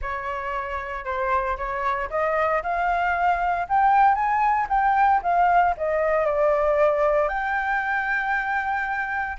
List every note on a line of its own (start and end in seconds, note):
0.01 1.04 C#5
1.04 1.57 C5
1.57 2.09 C#5
2.10 2.62 D#5
2.62 3.67 F5
3.69 4.14 G5
4.14 4.66 G#5
4.69 5.21 G5
5.22 5.74 F5
5.77 6.25 D#5
6.25 7.28 D5
7.28 9.37 G5